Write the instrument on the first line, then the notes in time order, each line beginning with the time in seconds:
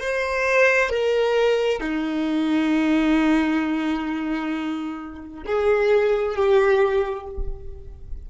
violin
0.00 C5
0.89 A#4
1.80 D#4
5.45 G#4
6.35 G4